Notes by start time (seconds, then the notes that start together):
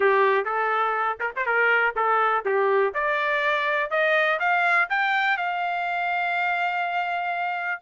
0.00 G4
0.44 A4
1.20 A#4
1.35 C5
1.45 A#4
1.96 A4
2.45 G4
2.94 D5
3.90 D#5
4.39 F5
4.89 G5
5.37 F5